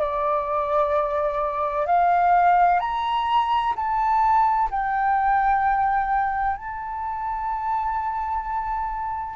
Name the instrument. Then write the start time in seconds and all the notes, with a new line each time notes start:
flute
0.00 D5
1.86 F5
2.80 A#5
3.75 A5
4.70 G5
6.56 A5